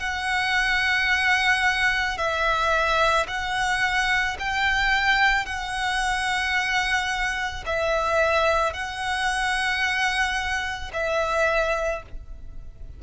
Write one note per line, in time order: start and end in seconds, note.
0.00 2.18 F#5
2.18 3.27 E5
3.28 4.37 F#5
4.39 5.46 G5
5.46 7.64 F#5
7.66 8.73 E5
8.73 10.91 F#5
10.93 12.02 E5